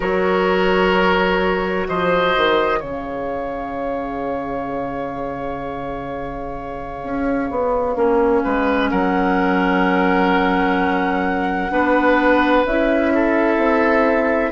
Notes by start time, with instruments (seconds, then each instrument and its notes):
0.00 bassoon F#3, clarinet F#4, oboe A#4, flute C#5
1.88 bassoon F3, oboe C5, flute D#5
2.36 bassoon D#3
2.79 bassoon C#3, clarinet G#4, oboe C#5, flute F5
7.03 bassoon C#4
7.50 bassoon B3
7.95 bassoon A#3, clarinet C#4
8.43 bassoon G#3, oboe B4
8.90 bassoon F#3, oboe A#4, flute F#5
11.70 bassoon B3, clarinet D4, oboe B4
12.65 bassoon C#4, clarinet E4, flute E5
13.14 oboe A4
13.57 bassoon C4